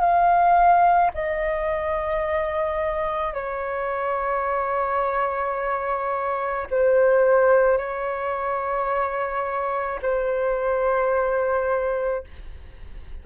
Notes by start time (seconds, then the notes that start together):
0.00 F5
1.14 D#5
3.34 C#5
6.71 C5
7.78 C#5
10.02 C5